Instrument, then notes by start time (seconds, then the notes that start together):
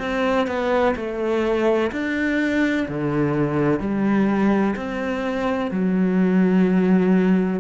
cello
0.00 C4
0.48 B3
0.96 A3
1.92 D4
2.89 D3
3.80 G3
4.77 C4
5.72 F#3